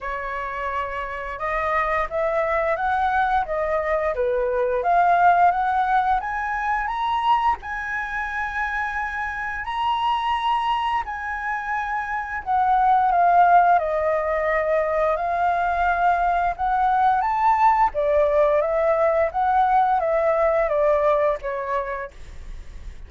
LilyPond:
\new Staff \with { instrumentName = "flute" } { \time 4/4 \tempo 4 = 87 cis''2 dis''4 e''4 | fis''4 dis''4 b'4 f''4 | fis''4 gis''4 ais''4 gis''4~ | gis''2 ais''2 |
gis''2 fis''4 f''4 | dis''2 f''2 | fis''4 a''4 d''4 e''4 | fis''4 e''4 d''4 cis''4 | }